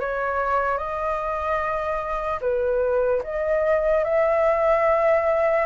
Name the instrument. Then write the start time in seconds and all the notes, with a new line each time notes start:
flute
0.00 C#5
0.78 D#5
2.41 B4
3.24 D#5
4.04 E5